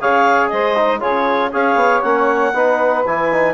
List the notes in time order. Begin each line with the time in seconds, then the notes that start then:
0.00 C#3 G#4 C#5 F5
0.48 G#3 C5 D#5
0.76 D#4
0.99 C#3 F4 G#4 C#5
1.51 C#4 G#4 C#5 F5
1.75 B3
2.02 A#3 C#4 F#5
2.53 B3 D#4 B4
3.05 E3 E4 G#5
3.32 D#4